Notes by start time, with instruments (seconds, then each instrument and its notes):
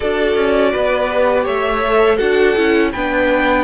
0.00 cello D4, viola F#4, violin A4 D5
0.35 cello C#4
0.72 cello B3, violin B4
1.09 viola G4
1.44 cello A3, violin C#5 E5
1.84 viola A4
2.16 cello D4, viola F#4, violin A4 F#5
2.56 cello C#4, viola E4
2.92 cello B3, viola D4, violin B4 G5